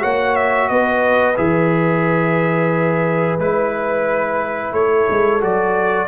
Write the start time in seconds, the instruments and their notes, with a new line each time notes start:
0.00 tuba A#3, trombone F#4, horn C#5, trumpet F#5
0.35 trumpet E5
0.68 tuba B3, horn B4, trumpet D#5
1.36 tuba E3, trombone G#4, trumpet E5
3.38 tuba G#3, trombone E4, trumpet B4
4.72 tuba A3, horn A4, trumpet C#5
5.09 tuba G#3
5.40 tuba F#3, trombone F#4, trumpet D5